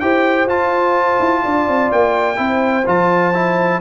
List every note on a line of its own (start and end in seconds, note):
0.00 0.46 E4
0.00 0.49 G4
0.00 1.43 C5
0.00 0.48 G5
0.46 1.18 F4
0.46 2.36 F4
0.46 1.92 A5
1.20 1.43 E4
1.43 1.68 D4
1.43 2.39 D5
1.68 1.92 C4
1.92 2.38 A#3
1.92 2.87 G5
2.36 2.86 C4
2.36 2.84 E4
2.36 3.81 C5
2.86 3.81 F3
2.86 3.34 F4
2.86 3.81 A5
3.34 3.81 E4